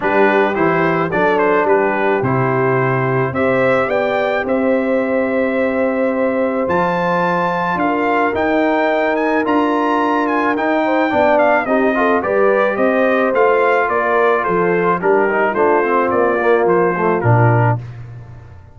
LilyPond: <<
  \new Staff \with { instrumentName = "trumpet" } { \time 4/4 \tempo 4 = 108 b'4 c''4 d''8 c''8 b'4 | c''2 e''4 g''4 | e''1 | a''2 f''4 g''4~ |
g''8 gis''8 ais''4. gis''8 g''4~ | g''8 f''8 dis''4 d''4 dis''4 | f''4 d''4 c''4 ais'4 | c''4 d''4 c''4 ais'4 | }
  \new Staff \with { instrumentName = "horn" } { \time 4/4 g'2 a'4 g'4~ | g'2 c''4 d''4 | c''1~ | c''2 ais'2~ |
ais'2.~ ais'8 c''8 | d''4 g'8 a'8 b'4 c''4~ | c''4 ais'4 a'4 g'4 | f'1 | }
  \new Staff \with { instrumentName = "trombone" } { \time 4/4 d'4 e'4 d'2 | e'2 g'2~ | g'1 | f'2. dis'4~ |
dis'4 f'2 dis'4 | d'4 dis'8 f'8 g'2 | f'2. d'8 dis'8 | d'8 c'4 ais4 a8 d'4 | }
  \new Staff \with { instrumentName = "tuba" } { \time 4/4 g4 e4 fis4 g4 | c2 c'4 b4 | c'1 | f2 d'4 dis'4~ |
dis'4 d'2 dis'4 | b4 c'4 g4 c'4 | a4 ais4 f4 g4 | a4 ais4 f4 ais,4 | }
>>